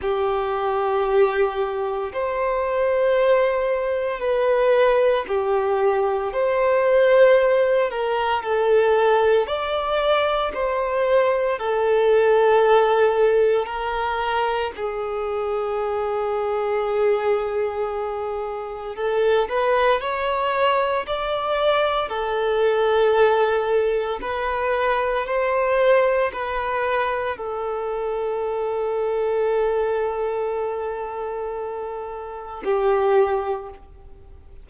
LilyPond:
\new Staff \with { instrumentName = "violin" } { \time 4/4 \tempo 4 = 57 g'2 c''2 | b'4 g'4 c''4. ais'8 | a'4 d''4 c''4 a'4~ | a'4 ais'4 gis'2~ |
gis'2 a'8 b'8 cis''4 | d''4 a'2 b'4 | c''4 b'4 a'2~ | a'2. g'4 | }